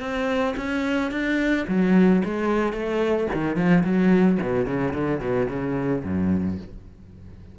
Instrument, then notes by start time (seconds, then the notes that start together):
cello
0.00 C4
0.57 C#4
1.11 D4
1.68 F#3
2.25 G#3
2.73 A3
3.33 D#3
3.56 F3
3.84 F#3
4.42 B2
4.66 C#3
4.94 D3
5.20 B2
5.49 C#3
6.03 F#2